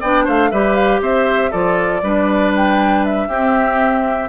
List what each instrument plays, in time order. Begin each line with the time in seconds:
0.00 bassoon B3, clarinet D4, oboe D5, flute G5
0.24 bassoon A3, oboe C5, flute F5
0.51 bassoon G3, clarinet G4, oboe B4, flute E5
0.75 flute F5
1.00 bassoon C4, oboe C5, flute E5
1.50 bassoon F3, clarinet F4, oboe A4, flute D5
2.02 bassoon G3, clarinet D4, oboe B4
2.56 flute G5
3.04 flute E5
3.28 bassoon C4, clarinet C4, oboe G4